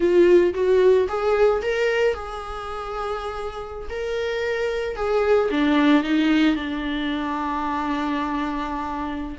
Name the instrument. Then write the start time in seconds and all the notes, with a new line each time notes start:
viola
0.00 F4
0.54 F#4
1.08 G#4
1.62 A#4
2.14 G#4
3.89 A#4
4.96 G#4
5.51 D4
6.03 D#4
6.55 D4